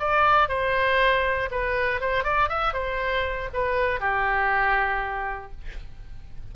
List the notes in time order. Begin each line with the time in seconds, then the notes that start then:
0.00 D5
0.49 C5
1.51 B4
2.01 C5
2.24 D5
2.49 E5
2.74 C5
3.54 B4
4.00 G4